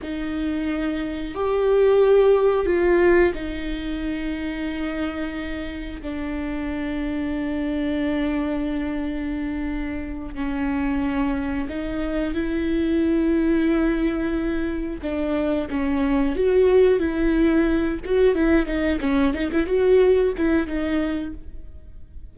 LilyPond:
\new Staff \with { instrumentName = "viola" } { \time 4/4 \tempo 4 = 90 dis'2 g'2 | f'4 dis'2.~ | dis'4 d'2.~ | d'2.~ d'8 cis'8~ |
cis'4. dis'4 e'4.~ | e'2~ e'8 d'4 cis'8~ | cis'8 fis'4 e'4. fis'8 e'8 | dis'8 cis'8 dis'16 e'16 fis'4 e'8 dis'4 | }